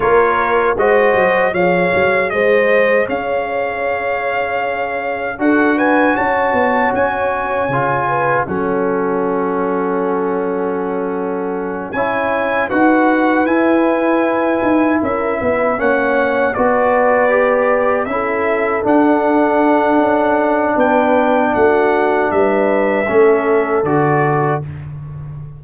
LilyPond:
<<
  \new Staff \with { instrumentName = "trumpet" } { \time 4/4 \tempo 4 = 78 cis''4 dis''4 f''4 dis''4 | f''2. fis''8 gis''8 | a''4 gis''2 fis''4~ | fis''2.~ fis''8 gis''8~ |
gis''8 fis''4 gis''2 e''8~ | e''8 fis''4 d''2 e''8~ | e''8 fis''2~ fis''8 g''4 | fis''4 e''2 d''4 | }
  \new Staff \with { instrumentName = "horn" } { \time 4/4 ais'4 c''4 cis''4 c''4 | cis''2. a'8 b'8 | cis''2~ cis''8 b'8 a'4~ | a'2.~ a'8 cis''8~ |
cis''8 b'2. ais'8 | b'8 cis''4 b'2 a'8~ | a'2. b'4 | fis'4 b'4 a'2 | }
  \new Staff \with { instrumentName = "trombone" } { \time 4/4 f'4 fis'4 gis'2~ | gis'2. fis'4~ | fis'2 f'4 cis'4~ | cis'2.~ cis'8 e'8~ |
e'8 fis'4 e'2~ e'8~ | e'8 cis'4 fis'4 g'4 e'8~ | e'8 d'2.~ d'8~ | d'2 cis'4 fis'4 | }
  \new Staff \with { instrumentName = "tuba" } { \time 4/4 ais4 gis8 fis8 f8 fis8 gis4 | cis'2. d'4 | cis'8 b8 cis'4 cis4 fis4~ | fis2.~ fis8 cis'8~ |
cis'8 dis'4 e'4. dis'8 cis'8 | b8 ais4 b2 cis'8~ | cis'8 d'4. cis'4 b4 | a4 g4 a4 d4 | }
>>